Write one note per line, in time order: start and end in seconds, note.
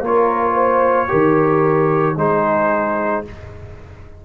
0.00 1.07 A#3
0.00 1.08 F4
0.00 0.53 A#4
0.00 2.17 C#5
0.53 1.06 C5
1.08 2.16 D#3
1.08 2.15 G4
1.08 2.17 A#4
2.16 3.23 G#3
2.16 3.25 D#4
2.16 3.24 G#4
2.16 3.25 C5